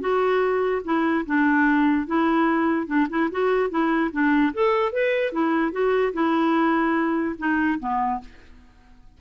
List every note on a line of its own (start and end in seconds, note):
0.00 0.82 F#4
0.84 1.25 E4
1.26 2.07 D4
2.07 2.87 E4
2.87 3.07 D4
3.09 3.30 E4
3.31 3.70 F#4
3.70 4.11 E4
4.12 4.53 D4
4.53 4.92 A4
4.92 5.32 B4
5.32 5.72 E4
5.72 6.13 F#4
6.13 7.35 E4
7.38 7.79 D#4
7.79 8.20 B3